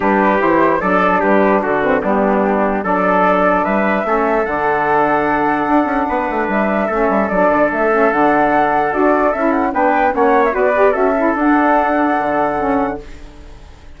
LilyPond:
<<
  \new Staff \with { instrumentName = "flute" } { \time 4/4 \tempo 4 = 148 b'4 c''4 d''4 b'4 | a'8 b'8 g'2 d''4~ | d''4 e''2 fis''4~ | fis''1 |
e''2 d''4 e''4 | fis''2 d''4 e''8 fis''8 | g''4 fis''8. e''16 d''4 e''4 | fis''1 | }
  \new Staff \with { instrumentName = "trumpet" } { \time 4/4 g'2 a'4 g'4 | fis'4 d'2 a'4~ | a'4 b'4 a'2~ | a'2. b'4~ |
b'4 a'2.~ | a'1 | b'4 cis''4 b'4 a'4~ | a'1 | }
  \new Staff \with { instrumentName = "saxophone" } { \time 4/4 d'4 e'4 d'2~ | d'8 c'8 b2 d'4~ | d'2 cis'4 d'4~ | d'1~ |
d'4 cis'4 d'4. cis'8 | d'2 fis'4 e'4 | d'4 cis'4 fis'8 g'8 fis'8 e'8 | d'2. cis'4 | }
  \new Staff \with { instrumentName = "bassoon" } { \time 4/4 g4 e4 fis4 g4 | d4 g2 fis4~ | fis4 g4 a4 d4~ | d2 d'8 cis'8 b8 a8 |
g4 a8 g8 fis8 d8 a4 | d2 d'4 cis'4 | b4 ais4 b4 cis'4 | d'2 d2 | }
>>